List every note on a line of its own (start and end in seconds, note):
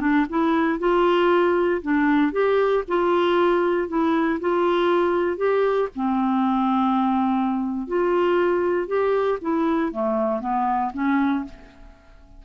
0.00 0.26 D4
0.29 0.79 E4
0.79 1.81 F4
1.82 2.32 D4
2.32 2.83 G4
2.88 3.88 F4
3.88 4.39 E4
4.40 5.37 F4
5.37 5.88 G4
5.95 7.87 C4
7.87 8.87 F4
8.87 9.38 G4
9.41 9.92 E4
9.92 10.40 A3
10.40 10.92 B3
10.93 11.45 C#4